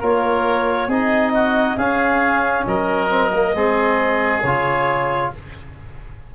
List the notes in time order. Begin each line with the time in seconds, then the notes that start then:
0.00 A#3 F4 A#4 C#5
0.88 C4 D#4 G#4 D#5
1.34 F#4
1.77 C#4 G#4 F5
2.66 F#3 A#4 D#5
3.09 C4
3.33 A#3
3.54 G#3 C4 G#4
4.42 C#3 F4 C#5